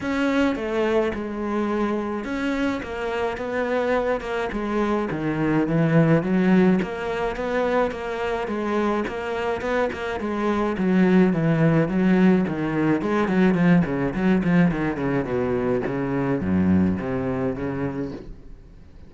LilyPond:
\new Staff \with { instrumentName = "cello" } { \time 4/4 \tempo 4 = 106 cis'4 a4 gis2 | cis'4 ais4 b4. ais8 | gis4 dis4 e4 fis4 | ais4 b4 ais4 gis4 |
ais4 b8 ais8 gis4 fis4 | e4 fis4 dis4 gis8 fis8 | f8 cis8 fis8 f8 dis8 cis8 b,4 | cis4 fis,4 c4 cis4 | }